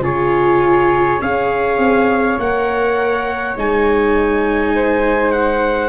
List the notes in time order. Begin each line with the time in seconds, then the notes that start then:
0.00 C#3 F4 G#4 C#5
1.22 C#4 G#4 C#5 F5
1.78 C4
2.38 A#3 A#4 F#5
3.57 G#3 D#4 G#5
4.75 C5
5.32 F#5